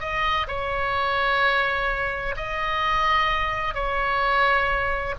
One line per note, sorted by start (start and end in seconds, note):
0.00 0.47 D#5
0.48 2.35 C#5
2.37 3.74 D#5
3.74 5.15 C#5